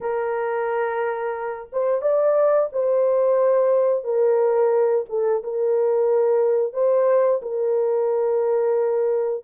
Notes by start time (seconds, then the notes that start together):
0.00 A#4
1.72 C5
2.01 D5
2.72 C5
4.04 A#4
5.09 A4
5.43 A#4
6.73 C5
7.42 A#4